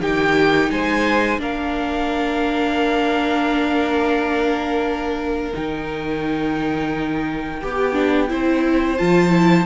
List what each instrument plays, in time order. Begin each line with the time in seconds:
0.00 cello D#3, viola D#4, violin G4 G5
0.70 cello G#3, violin C5 G#5
1.38 cello A#3, viola D4, violin A#4 F5
5.53 cello D#3, viola D#4, violin G5
7.60 cello B3, violin G4, viola G4
7.93 viola D4
8.27 cello C4, viola E4, violin C5
8.97 cello F3, viola F4, violin A5
9.29 viola E4